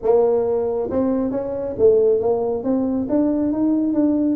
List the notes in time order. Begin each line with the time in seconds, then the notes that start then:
0.02 A#3
0.90 C4
1.31 C#4
1.78 A3
2.19 A#3
2.63 C4
3.09 D4
3.52 D#4
3.93 D4